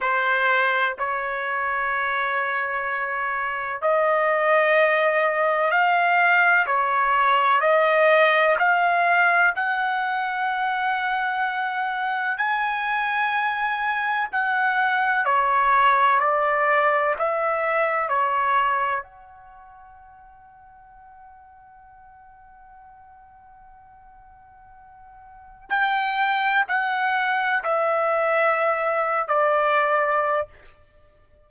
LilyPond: \new Staff \with { instrumentName = "trumpet" } { \time 4/4 \tempo 4 = 63 c''4 cis''2. | dis''2 f''4 cis''4 | dis''4 f''4 fis''2~ | fis''4 gis''2 fis''4 |
cis''4 d''4 e''4 cis''4 | fis''1~ | fis''2. g''4 | fis''4 e''4.~ e''16 d''4~ d''16 | }